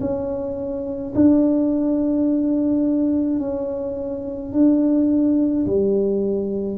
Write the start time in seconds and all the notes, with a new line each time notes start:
0.00 C#4
1.15 D4
3.40 C#4
4.52 D4
5.66 G3